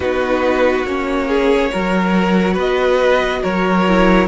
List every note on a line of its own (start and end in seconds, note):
0.00 0.84 B3
0.00 0.86 D#4
0.00 1.28 F#4
0.00 0.86 B4
0.84 1.69 A#3
0.84 1.72 C#4
0.84 2.57 C#5
1.28 1.71 G#4
1.71 2.56 F#3
1.71 3.86 F#4
1.71 2.53 A#4
2.53 3.42 B3
2.53 3.39 B4
2.53 3.43 D#5
3.42 4.27 F#3
3.42 4.27 A#4
3.42 4.27 C#5
3.87 4.27 E4